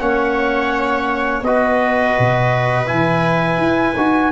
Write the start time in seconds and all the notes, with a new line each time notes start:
0.00 A#3 C#4 C#5 F#5
1.42 B3 F#4 B4 D#5
2.19 B2
2.87 E3 E4 G#5
3.58 E4
3.97 D#4 F#4